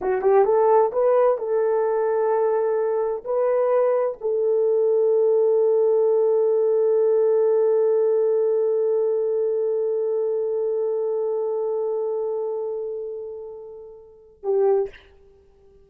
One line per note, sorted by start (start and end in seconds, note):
0.01 0.21 F#4
0.21 0.45 G4
0.45 0.91 A4
0.92 1.38 B4
1.38 3.24 A4
3.24 4.17 B4
4.21 14.43 A4
14.43 14.89 G4